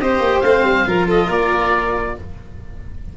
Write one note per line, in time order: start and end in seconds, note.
0.00 0.20 C4
0.00 0.44 G4
0.00 0.87 C5
0.00 0.41 D#5
0.20 0.41 A#3
0.41 0.63 A3
0.41 0.86 C4
0.41 1.05 F5
0.63 0.85 G3
0.86 1.28 F3
0.86 2.15 F4
0.86 1.07 A#4
1.07 1.27 A4
1.07 1.31 D#5
1.27 2.14 A#3
1.27 2.13 A#4
1.27 2.17 D5